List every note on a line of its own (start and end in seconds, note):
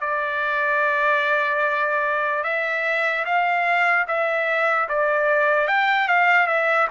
0.00 2.43 D5
2.43 3.24 E5
3.25 4.06 F5
4.07 4.88 E5
4.88 5.67 D5
5.67 6.08 G5
6.08 6.47 F5
6.47 6.87 E5